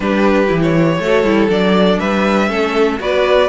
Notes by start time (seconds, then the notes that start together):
0.00 G3 D4 G4 B4
0.47 E3 E4
0.62 C#5
0.99 A3 F#4 A4
1.23 G3 E4
1.49 F#3 D4 D5
1.99 G3 B4 E5
2.47 A3 C#4 A4
2.99 B3 F#4 B4 D5